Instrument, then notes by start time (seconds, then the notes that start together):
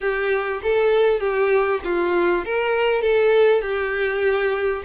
violin
0.00 G4
0.62 A4
1.20 G4
1.84 F4
2.45 A#4
3.01 A4
3.61 G4